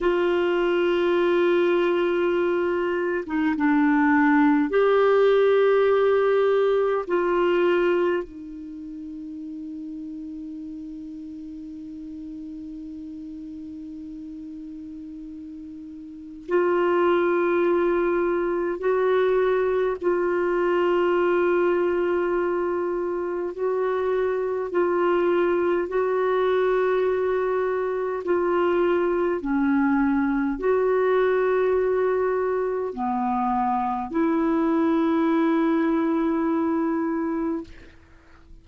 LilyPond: \new Staff \with { instrumentName = "clarinet" } { \time 4/4 \tempo 4 = 51 f'2~ f'8. dis'16 d'4 | g'2 f'4 dis'4~ | dis'1~ | dis'2 f'2 |
fis'4 f'2. | fis'4 f'4 fis'2 | f'4 cis'4 fis'2 | b4 e'2. | }